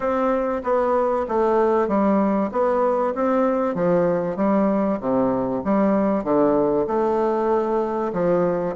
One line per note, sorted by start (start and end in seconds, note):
0.00 0.62 C4
0.63 1.26 B3
1.28 1.88 A3
1.88 2.50 G3
2.51 3.14 B3
3.14 3.74 C4
3.74 4.36 F3
4.36 4.99 G3
5.00 5.62 C3
5.64 6.24 G3
6.24 6.86 D3
6.87 8.12 A3
8.12 8.75 F3